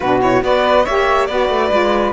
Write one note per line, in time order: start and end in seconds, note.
0.00 0.42 B2
0.00 0.20 D4
0.00 0.42 F#4
0.00 0.20 B4
0.20 0.41 E4
0.20 0.43 C#5
0.41 0.85 B3
0.41 0.84 F#4
0.41 0.85 B4
0.41 0.85 D5
0.85 1.28 A#3
0.85 1.29 G4
0.85 1.27 C#5
0.85 1.26 E5
1.26 1.49 B3
1.26 1.71 F#4
1.26 2.12 B4
1.26 2.12 D5
1.49 1.70 A3
1.71 2.12 G#3
1.71 2.12 F4